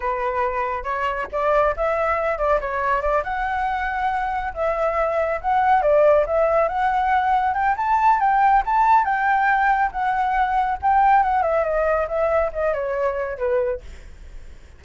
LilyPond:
\new Staff \with { instrumentName = "flute" } { \time 4/4 \tempo 4 = 139 b'2 cis''4 d''4 | e''4. d''8 cis''4 d''8 fis''8~ | fis''2~ fis''8 e''4.~ | e''8 fis''4 d''4 e''4 fis''8~ |
fis''4. g''8 a''4 g''4 | a''4 g''2 fis''4~ | fis''4 g''4 fis''8 e''8 dis''4 | e''4 dis''8 cis''4. b'4 | }